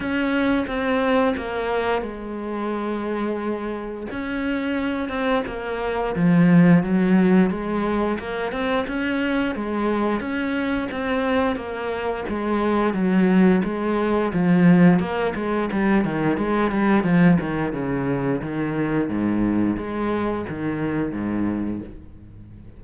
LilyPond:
\new Staff \with { instrumentName = "cello" } { \time 4/4 \tempo 4 = 88 cis'4 c'4 ais4 gis4~ | gis2 cis'4. c'8 | ais4 f4 fis4 gis4 | ais8 c'8 cis'4 gis4 cis'4 |
c'4 ais4 gis4 fis4 | gis4 f4 ais8 gis8 g8 dis8 | gis8 g8 f8 dis8 cis4 dis4 | gis,4 gis4 dis4 gis,4 | }